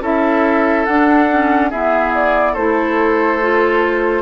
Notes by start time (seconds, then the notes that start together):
0.00 C#4 E4 A4 E5
0.85 D4 F#5
1.30 C#4
1.70 B3 E4 G#4 E5
2.14 D5
2.52 A3 E4 A4 C5
3.41 F4